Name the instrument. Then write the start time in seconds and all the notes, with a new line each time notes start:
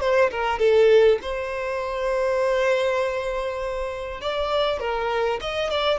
violin
0.00 C5
0.31 A#4
0.59 A4
1.22 C5
4.21 D5
4.80 A#4
5.41 D#5
5.70 D5